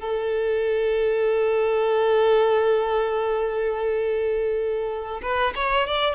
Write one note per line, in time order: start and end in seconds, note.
0.00 5.21 A4
5.22 5.53 B4
5.55 5.86 C#5
5.86 6.15 D5